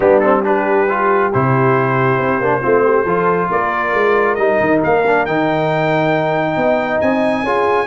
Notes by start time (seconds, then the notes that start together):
0.00 G3 B3 D4 G4
0.19 C4 A4
0.43 D4 G4 B4
0.89 F4
1.32 C3 E4 C5
2.18 C4
2.39 A#3 D4
2.61 A3 C4 F4
2.84 G4
3.04 F3 F4 A4
3.50 A#3 A#4 D5
3.93 G#3
4.34 G3 D#4 D#5
4.60 D#3
4.83 A#3 F5
5.06 D4
5.25 D#3 D#4 G5
6.56 B3 D#5
7.00 C4 G#5
7.43 C#4 F4 G#4